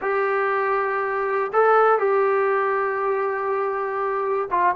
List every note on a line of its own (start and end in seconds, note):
0.01 1.51 G4
1.52 1.99 A4
1.99 4.49 G4
4.50 4.75 F4